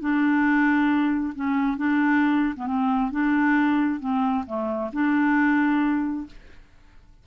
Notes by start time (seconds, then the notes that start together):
0.00 D4
1.35 C#4
1.77 D4
2.56 B3
2.66 C4
3.11 D4
4.00 C4
4.46 A3
4.93 D4